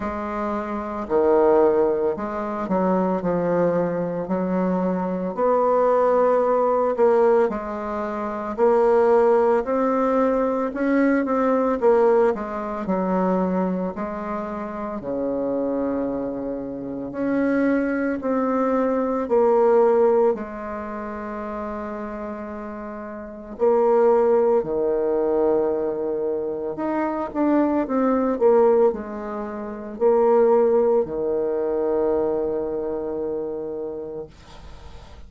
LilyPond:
\new Staff \with { instrumentName = "bassoon" } { \time 4/4 \tempo 4 = 56 gis4 dis4 gis8 fis8 f4 | fis4 b4. ais8 gis4 | ais4 c'4 cis'8 c'8 ais8 gis8 | fis4 gis4 cis2 |
cis'4 c'4 ais4 gis4~ | gis2 ais4 dis4~ | dis4 dis'8 d'8 c'8 ais8 gis4 | ais4 dis2. | }